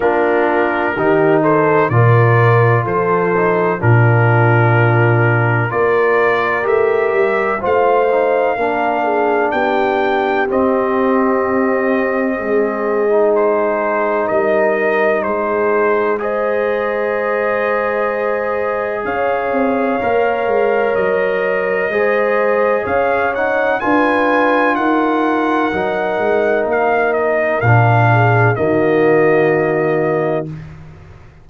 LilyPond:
<<
  \new Staff \with { instrumentName = "trumpet" } { \time 4/4 \tempo 4 = 63 ais'4. c''8 d''4 c''4 | ais'2 d''4 e''4 | f''2 g''4 dis''4~ | dis''2 c''4 dis''4 |
c''4 dis''2. | f''2 dis''2 | f''8 fis''8 gis''4 fis''2 | f''8 dis''8 f''4 dis''2 | }
  \new Staff \with { instrumentName = "horn" } { \time 4/4 f'4 g'8 a'8 ais'4 a'4 | f'2 ais'2 | c''4 ais'8 gis'8 g'2~ | g'4 gis'2 ais'4 |
gis'4 c''2. | cis''2. c''4 | cis''4 b'4 ais'2~ | ais'4. gis'8 fis'2 | }
  \new Staff \with { instrumentName = "trombone" } { \time 4/4 d'4 dis'4 f'4. dis'8 | d'2 f'4 g'4 | f'8 dis'8 d'2 c'4~ | c'4.~ c'16 dis'2~ dis'16~ |
dis'4 gis'2.~ | gis'4 ais'2 gis'4~ | gis'8 dis'8 f'2 dis'4~ | dis'4 d'4 ais2 | }
  \new Staff \with { instrumentName = "tuba" } { \time 4/4 ais4 dis4 ais,4 f4 | ais,2 ais4 a8 g8 | a4 ais4 b4 c'4~ | c'4 gis2 g4 |
gis1 | cis'8 c'8 ais8 gis8 fis4 gis4 | cis'4 d'4 dis'4 fis8 gis8 | ais4 ais,4 dis2 | }
>>